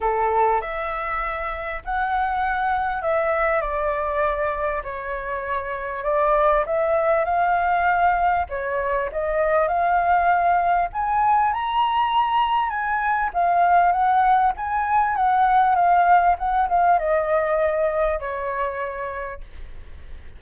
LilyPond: \new Staff \with { instrumentName = "flute" } { \time 4/4 \tempo 4 = 99 a'4 e''2 fis''4~ | fis''4 e''4 d''2 | cis''2 d''4 e''4 | f''2 cis''4 dis''4 |
f''2 gis''4 ais''4~ | ais''4 gis''4 f''4 fis''4 | gis''4 fis''4 f''4 fis''8 f''8 | dis''2 cis''2 | }